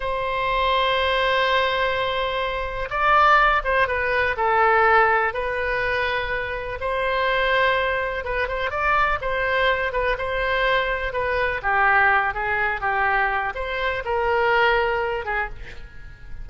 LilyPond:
\new Staff \with { instrumentName = "oboe" } { \time 4/4 \tempo 4 = 124 c''1~ | c''2 d''4. c''8 | b'4 a'2 b'4~ | b'2 c''2~ |
c''4 b'8 c''8 d''4 c''4~ | c''8 b'8 c''2 b'4 | g'4. gis'4 g'4. | c''4 ais'2~ ais'8 gis'8 | }